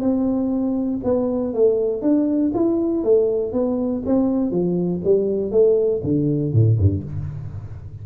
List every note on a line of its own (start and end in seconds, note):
0.00 1.00 C4
1.03 1.53 B3
1.53 2.01 A3
2.01 2.51 D4
2.54 3.03 E4
3.03 3.52 A3
3.52 4.02 B3
4.05 4.50 C4
4.50 5.00 F3
5.04 5.51 G3
5.51 6.01 A3
6.03 6.52 D3
6.52 6.77 A2
6.78 7.03 G2